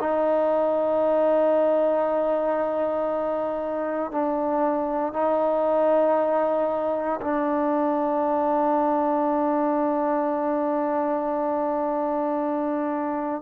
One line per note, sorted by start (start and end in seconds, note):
0.00 4.11 D#4
4.11 5.13 D4
5.13 7.20 D#4
7.22 13.42 D4